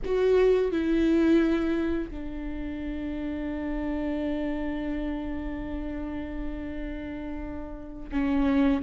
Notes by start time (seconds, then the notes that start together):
0.04 F#4
0.72 E4
2.10 D4
8.11 C#4